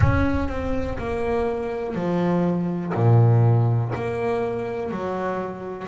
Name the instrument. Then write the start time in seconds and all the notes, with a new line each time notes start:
double bass
0.00 C#4
0.48 C4
0.97 A#3
1.94 F3
2.94 A#2
3.94 A#3
4.91 F#3